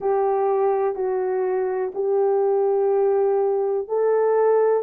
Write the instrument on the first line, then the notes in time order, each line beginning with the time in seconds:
horn
0.00 G4
0.95 F#4
1.94 G4
3.88 A4